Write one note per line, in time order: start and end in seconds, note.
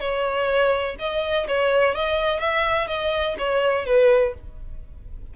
0.00 0.96 C#5
0.99 1.47 D#5
1.48 1.95 C#5
1.95 2.40 D#5
2.40 2.88 E5
2.88 3.36 D#5
3.38 3.86 C#5
3.86 4.34 B4